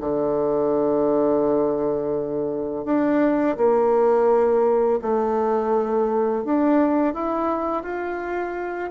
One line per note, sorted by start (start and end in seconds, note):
0.00 2.85 D3
2.85 3.56 D4
3.57 5.00 A#3
5.02 6.44 A3
6.44 7.14 D4
7.14 7.83 E4
7.83 8.90 F4